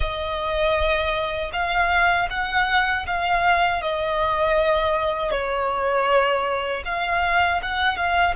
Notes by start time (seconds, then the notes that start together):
0.00 D#5
1.52 F5
2.30 F#5
3.06 F5
3.81 D#5
5.31 C#5
6.85 F5
7.62 F#5
7.96 F5